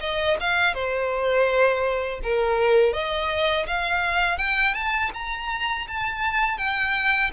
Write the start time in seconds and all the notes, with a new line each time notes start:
0.00 D#5
0.40 F5
0.74 C5
2.23 A#4
2.93 D#5
3.67 F5
4.37 G5
4.74 A5
5.14 A#5
5.88 A5
6.58 G5